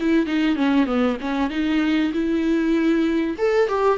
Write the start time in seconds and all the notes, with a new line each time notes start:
0.00 E4
0.26 D#4
0.56 C#4
0.86 B3
1.21 C#4
1.50 D#4
2.13 E4
3.38 A4
3.69 G4